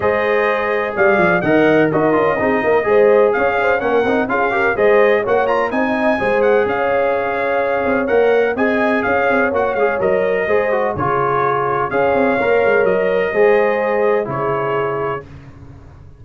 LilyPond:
<<
  \new Staff \with { instrumentName = "trumpet" } { \time 4/4 \tempo 4 = 126 dis''2 f''4 fis''4 | dis''2. f''4 | fis''4 f''4 dis''4 fis''8 ais''8 | gis''4. fis''8 f''2~ |
f''4 fis''4 gis''4 f''4 | fis''8 f''8 dis''2 cis''4~ | cis''4 f''2 dis''4~ | dis''2 cis''2 | }
  \new Staff \with { instrumentName = "horn" } { \time 4/4 c''2 d''4 dis''4 | ais'4 gis'8 ais'8 c''4 cis''8 c''8 | ais'4 gis'8 ais'8 c''4 cis''4 | dis''4 c''4 cis''2~ |
cis''2 dis''4 cis''4~ | cis''2 c''4 gis'4~ | gis'4 cis''2. | c''2 gis'2 | }
  \new Staff \with { instrumentName = "trombone" } { \time 4/4 gis'2. ais'4 | fis'8 f'8 dis'4 gis'2 | cis'8 dis'8 f'8 g'8 gis'4 fis'8 f'8 | dis'4 gis'2.~ |
gis'4 ais'4 gis'2 | fis'8 gis'8 ais'4 gis'8 fis'8 f'4~ | f'4 gis'4 ais'2 | gis'2 e'2 | }
  \new Staff \with { instrumentName = "tuba" } { \time 4/4 gis2 g8 f8 dis4 | dis'8 cis'8 c'8 ais8 gis4 cis'4 | ais8 c'8 cis'4 gis4 ais4 | c'4 gis4 cis'2~ |
cis'8 c'8 ais4 c'4 cis'8 c'8 | ais8 gis8 fis4 gis4 cis4~ | cis4 cis'8 c'8 ais8 gis8 fis4 | gis2 cis2 | }
>>